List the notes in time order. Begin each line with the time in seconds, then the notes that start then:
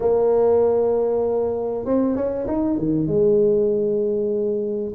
0.00 A#3
1.85 C4
2.15 C#4
2.47 D#4
2.78 D#3
3.07 G#3